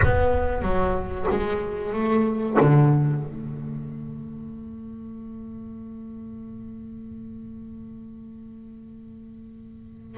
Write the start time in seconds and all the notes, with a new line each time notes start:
0.02 B3
0.62 F#3
1.30 G#3
1.92 A3
2.60 D3
3.23 A3